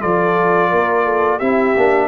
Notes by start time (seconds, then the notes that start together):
0.00 F3 F4 A4 D5
0.70 A#3 A#4
1.04 A4
1.37 C4 E4 G4 E5
1.76 A#3 D4